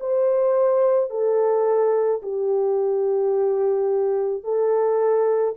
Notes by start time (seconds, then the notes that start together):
0.00 C5
1.10 A4
2.23 G4
4.43 A4